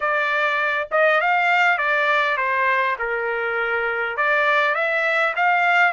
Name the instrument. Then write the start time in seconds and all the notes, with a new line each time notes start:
trumpet
0.00 D5
0.91 D#5
1.20 F5
1.78 D5
2.37 C5
2.98 A#4
4.16 D5
4.74 E5
5.36 F5